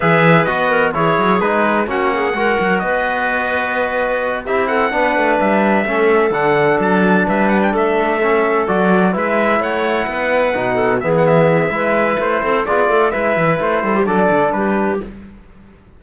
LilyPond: <<
  \new Staff \with { instrumentName = "trumpet" } { \time 4/4 \tempo 4 = 128 e''4 dis''4 cis''4 b'4 | fis''2 dis''2~ | dis''4. e''8 fis''4. e''8~ | e''4. fis''4 a''4 e''8 |
fis''16 g''16 e''2 d''4 e''8~ | e''8 fis''2. e''16 fis''16 | e''2 c''4 d''4 | e''4 c''4 d''4 b'4 | }
  \new Staff \with { instrumentName = "clarinet" } { \time 4/4 b'4. ais'8 gis'2 | fis'8 gis'8 ais'4 b'2~ | b'4. g'8 a'8 b'4.~ | b'8 a'2. b'8~ |
b'8 a'2. b'8~ | b'8 cis''4 b'4. a'8 gis'8~ | gis'4 b'4. a'8 gis'8 a'8 | b'4. a'16 g'16 a'4 g'4 | }
  \new Staff \with { instrumentName = "trombone" } { \time 4/4 gis'4 fis'4 e'4 dis'4 | cis'4 fis'2.~ | fis'4. e'4 d'4.~ | d'8 cis'4 d'2~ d'8~ |
d'4. cis'4 fis'4 e'8~ | e'2~ e'8 dis'4 b8~ | b4 e'2 f'4 | e'2 d'2 | }
  \new Staff \with { instrumentName = "cello" } { \time 4/4 e4 b4 e8 fis8 gis4 | ais4 gis8 fis8 b2~ | b4. c'4 b8 a8 g8~ | g8 a4 d4 fis4 g8~ |
g8 a2 fis4 gis8~ | gis8 a4 b4 b,4 e8~ | e4 gis4 a8 c'8 b8 a8 | gis8 e8 a8 g8 fis8 d8 g4 | }
>>